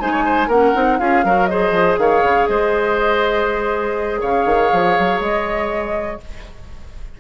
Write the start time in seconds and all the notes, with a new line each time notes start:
0.00 G#3 D#4 C5 G#5
0.12 C#5
0.25 C5
0.48 A#3 C#4 A#4 F#5
0.75 C4 D#4
0.99 C#4 F4 G#4 F5
1.25 F#3 F#4 A#4
1.46 G#4 C5 D#5
1.71 F3
1.98 D#3 C#5 F5
2.23 C#3
2.47 G#3 C5 D#5
4.21 C#3 C#5 F5
4.46 D#3
4.73 F3
4.99 F#3
5.21 G#3 D#5